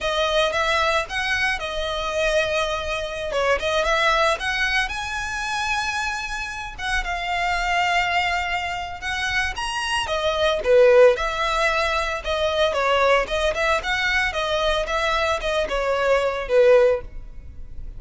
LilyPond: \new Staff \with { instrumentName = "violin" } { \time 4/4 \tempo 4 = 113 dis''4 e''4 fis''4 dis''4~ | dis''2~ dis''16 cis''8 dis''8 e''8.~ | e''16 fis''4 gis''2~ gis''8.~ | gis''8. fis''8 f''2~ f''8.~ |
f''4 fis''4 ais''4 dis''4 | b'4 e''2 dis''4 | cis''4 dis''8 e''8 fis''4 dis''4 | e''4 dis''8 cis''4. b'4 | }